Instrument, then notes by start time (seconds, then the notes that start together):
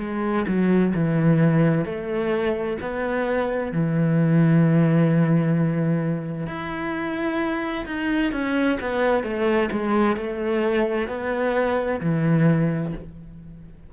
cello
0.00 G#3
0.47 F#3
0.95 E3
1.85 A3
2.82 B3
3.73 E3
6.47 E4
7.86 D#4
8.32 C#4
8.81 B3
9.24 A3
9.72 G#3
10.17 A3
11.08 B3
12.01 E3